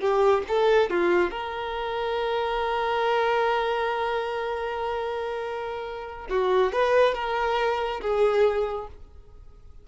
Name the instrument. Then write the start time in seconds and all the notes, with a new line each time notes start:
violin
0.00 G4
0.48 A4
0.90 F4
1.31 A#4
6.30 F#4
6.73 B4
7.14 A#4
8.01 G#4